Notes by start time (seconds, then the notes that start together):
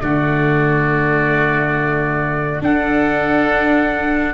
0.00 D3 A3 F#4 D5
2.61 D4 A4 F#5